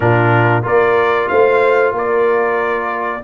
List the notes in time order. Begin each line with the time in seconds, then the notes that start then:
0.00 A#2 D4 F4 A#4
0.62 A#3 F4 A#4 D5
1.28 A3 C5 F5
1.92 A#3 A#4 D5